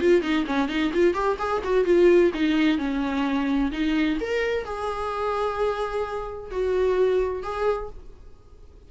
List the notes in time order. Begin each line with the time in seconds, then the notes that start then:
0.00 F4
0.22 D#4
0.46 C#4
0.68 D#4
0.94 F4
1.14 G4
1.39 G#4
1.64 F#4
1.85 F4
2.34 D#4
2.78 C#4
3.72 D#4
4.21 A#4
4.65 G#4
6.51 F#4
7.43 G#4